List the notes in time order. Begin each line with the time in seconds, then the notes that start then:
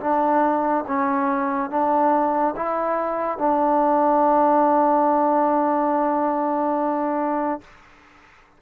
0.00 D4
0.87 C#4
1.70 D4
2.56 E4
3.38 D4